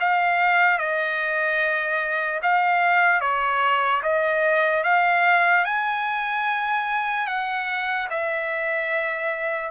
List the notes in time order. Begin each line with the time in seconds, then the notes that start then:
0.00 F5
0.79 D#5
2.43 F5
3.21 C#5
4.03 D#5
4.84 F5
5.65 G#5
7.27 F#5
8.10 E5